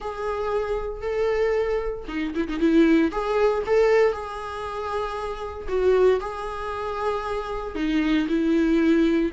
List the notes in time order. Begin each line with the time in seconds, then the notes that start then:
0.00 G#4
1.01 A4
2.08 D#4
2.34 E4
2.48 D#4
2.59 E4
3.11 G#4
3.66 A4
4.12 G#4
5.68 F#4
6.20 G#4
7.75 D#4
8.28 E4